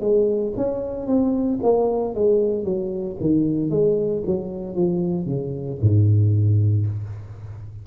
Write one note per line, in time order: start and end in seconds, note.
0.00 0.53 G#3
0.56 1.07 C#4
1.07 1.59 C4
1.62 2.14 A#3
2.14 2.64 G#3
2.64 3.17 F#3
3.20 3.70 D#3
3.70 4.22 G#3
4.26 4.75 F#3
4.75 5.26 F3
5.26 5.78 C#3
5.81 6.86 G#2